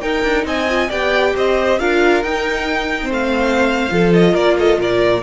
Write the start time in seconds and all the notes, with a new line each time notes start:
0.00 D#4 A#4 G5
0.23 D4
0.45 C4 D#5 G#5
0.68 F4
0.88 B3 G4 D5 G5
1.35 C4 C5 D#5
1.79 D4 F4 A#4 F5
2.23 D#4 G5
3.03 C4 C5
3.10 A3 F5
3.89 F3 F4 A4
4.13 D#5
4.32 A#3 A#4 D5
4.58 A4 D#5
4.79 A#2 A#4 D5